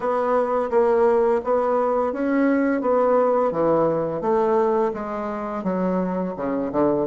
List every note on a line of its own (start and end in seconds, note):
0.00 0.70 B3
0.70 1.41 A#3
1.44 2.12 B3
2.12 2.81 C#4
2.81 3.51 B3
3.51 4.21 E3
4.21 4.92 A3
4.93 5.63 G#3
5.63 6.34 F#3
6.36 6.71 C#3
6.72 7.07 D3